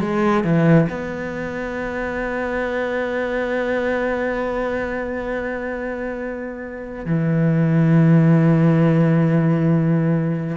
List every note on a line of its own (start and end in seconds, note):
0.00 0.44 G#3
0.44 0.88 E3
0.89 7.05 B3
7.05 10.57 E3